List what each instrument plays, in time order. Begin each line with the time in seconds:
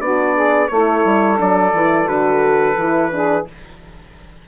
0.00 bassoon B3, horn D4, saxophone F#4, trumpet D5
0.35 saxophone G#4
0.68 bassoon A3, horn E4, saxophone A4, trumpet C#5
1.05 bassoon G3
1.37 bassoon F#3, horn D4, trumpet D5
1.73 bassoon E3, horn E4
2.06 bassoon D3, horn F#4, trumpet B4
2.77 bassoon E3, horn E4
3.12 horn D4, saxophone G#4